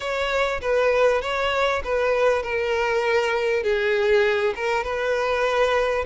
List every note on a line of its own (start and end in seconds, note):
0.00 0.60 C#5
0.61 1.21 B4
1.21 1.82 C#5
1.83 2.42 B4
2.42 3.63 A#4
3.63 4.53 G#4
4.55 4.83 A#4
4.83 6.04 B4